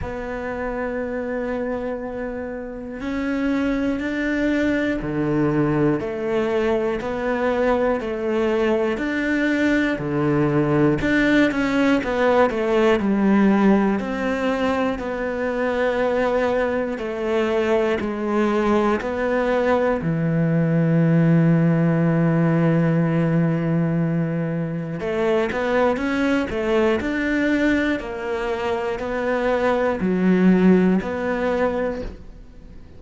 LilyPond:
\new Staff \with { instrumentName = "cello" } { \time 4/4 \tempo 4 = 60 b2. cis'4 | d'4 d4 a4 b4 | a4 d'4 d4 d'8 cis'8 | b8 a8 g4 c'4 b4~ |
b4 a4 gis4 b4 | e1~ | e4 a8 b8 cis'8 a8 d'4 | ais4 b4 fis4 b4 | }